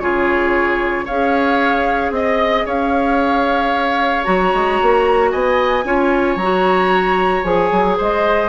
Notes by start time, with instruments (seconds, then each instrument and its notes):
0.00 bassoon C#3, clarinet F4, oboe G#4, flute C#5
1.05 bassoon C#4, clarinet G#4, oboe C#5, flute F5
2.11 bassoon C4, flute D#5, oboe D#5
2.66 bassoon C#4, oboe C#5, flute F5
4.24 bassoon F#3, clarinet F#4, flute A#5
4.54 bassoon G#3
4.82 bassoon A#3
5.31 bassoon B3, oboe D#5, flute G#5
5.85 bassoon C#4, clarinet F4, oboe C#5
6.36 bassoon F#3, flute A#5
6.42 clarinet F#4
7.44 bassoon F3, clarinet G#4, flute G#5
7.71 bassoon F#3
7.97 bassoon G#3, oboe C5, flute D#5